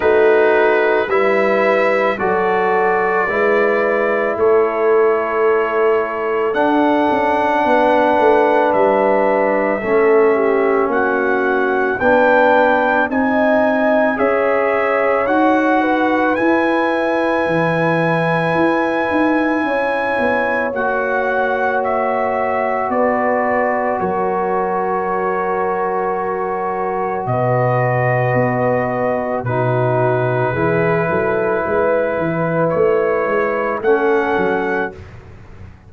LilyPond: <<
  \new Staff \with { instrumentName = "trumpet" } { \time 4/4 \tempo 4 = 55 b'4 e''4 d''2 | cis''2 fis''2 | e''2 fis''4 g''4 | gis''4 e''4 fis''4 gis''4~ |
gis''2. fis''4 | e''4 d''4 cis''2~ | cis''4 dis''2 b'4~ | b'2 cis''4 fis''4 | }
  \new Staff \with { instrumentName = "horn" } { \time 4/4 fis'4 b'4 a'4 b'4 | a'2. b'4~ | b'4 a'8 g'8 fis'4 b'4 | dis''4 cis''4. b'4.~ |
b'2 cis''2~ | cis''4 b'4 ais'2~ | ais'4 b'2 fis'4 | gis'8 a'8 b'2 a'4 | }
  \new Staff \with { instrumentName = "trombone" } { \time 4/4 dis'4 e'4 fis'4 e'4~ | e'2 d'2~ | d'4 cis'2 d'4 | dis'4 gis'4 fis'4 e'4~ |
e'2. fis'4~ | fis'1~ | fis'2. dis'4 | e'2. cis'4 | }
  \new Staff \with { instrumentName = "tuba" } { \time 4/4 a4 g4 fis4 gis4 | a2 d'8 cis'8 b8 a8 | g4 a4 ais4 b4 | c'4 cis'4 dis'4 e'4 |
e4 e'8 dis'8 cis'8 b8 ais4~ | ais4 b4 fis2~ | fis4 b,4 b4 b,4 | e8 fis8 gis8 e8 a8 gis8 a8 fis8 | }
>>